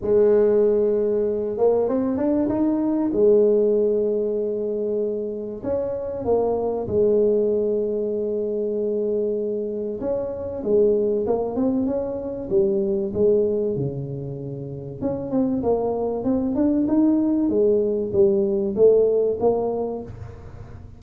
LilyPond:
\new Staff \with { instrumentName = "tuba" } { \time 4/4 \tempo 4 = 96 gis2~ gis8 ais8 c'8 d'8 | dis'4 gis2.~ | gis4 cis'4 ais4 gis4~ | gis1 |
cis'4 gis4 ais8 c'8 cis'4 | g4 gis4 cis2 | cis'8 c'8 ais4 c'8 d'8 dis'4 | gis4 g4 a4 ais4 | }